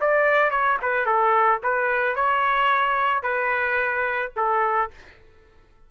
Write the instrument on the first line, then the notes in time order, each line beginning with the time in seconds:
trumpet
0.00 D5
0.50 C#5
0.81 B4
1.05 A4
1.63 B4
2.15 C#5
3.22 B4
4.36 A4